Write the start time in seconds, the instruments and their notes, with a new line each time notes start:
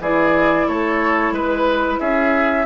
0.00 bassoon E3, clarinet E4, oboe G#4, flute D5
0.68 bassoon A3, oboe A4, flute C#5
1.31 bassoon G#3, oboe B4, flute B4
2.00 bassoon C#4, oboe G#4, flute E5